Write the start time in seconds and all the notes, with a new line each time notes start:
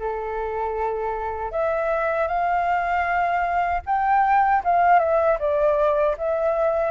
0.00 A4
1.52 E5
2.28 F5
3.86 G5
4.64 F5
5.00 E5
5.40 D5
6.18 E5